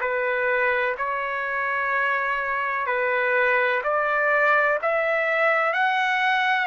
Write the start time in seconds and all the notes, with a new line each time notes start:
0.00 B4
0.97 C#5
2.86 B4
3.83 D5
4.81 E5
5.73 F#5